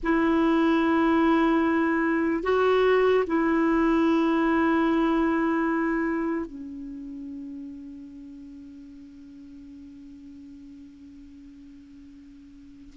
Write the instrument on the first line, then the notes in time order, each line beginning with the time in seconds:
clarinet
0.03 E4
2.43 F#4
3.27 E4
6.45 C#4